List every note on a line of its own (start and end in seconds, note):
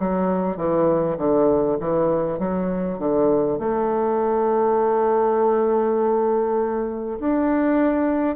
0.00 0.57 F#3
0.57 1.17 E3
1.18 1.78 D3
1.81 2.39 E3
2.39 2.99 F#3
2.99 3.59 D3
3.59 7.19 A3
7.20 8.37 D4